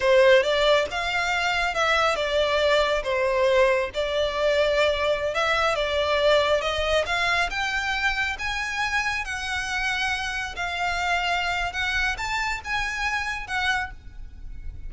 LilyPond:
\new Staff \with { instrumentName = "violin" } { \time 4/4 \tempo 4 = 138 c''4 d''4 f''2 | e''4 d''2 c''4~ | c''4 d''2.~ | d''16 e''4 d''2 dis''8.~ |
dis''16 f''4 g''2 gis''8.~ | gis''4~ gis''16 fis''2~ fis''8.~ | fis''16 f''2~ f''8. fis''4 | a''4 gis''2 fis''4 | }